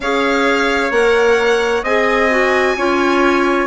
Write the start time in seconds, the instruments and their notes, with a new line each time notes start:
0.00 bassoon C#4, clarinet G#4, trumpet C#5, violin F5
0.91 bassoon A#3, clarinet A#4, violin F#5
1.82 bassoon C4, clarinet G#4, trumpet D#5, violin G#5
2.30 clarinet F#4
2.77 bassoon C#4, clarinet F4, trumpet C#5